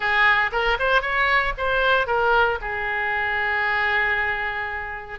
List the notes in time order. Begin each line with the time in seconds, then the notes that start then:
0.00 G#4
0.51 A#4
0.79 C5
1.01 C#5
1.57 C5
2.07 A#4
2.61 G#4